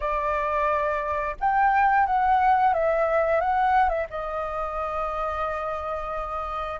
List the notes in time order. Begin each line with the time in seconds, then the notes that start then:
0.00 D5
1.39 G5
2.06 F#5
2.73 E5
3.40 F#5
3.89 E5
4.10 D#5